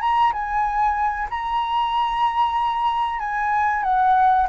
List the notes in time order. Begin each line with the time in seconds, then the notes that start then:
0.00 A#5
0.32 G#5
1.30 A#5
3.19 G#5
3.83 F#5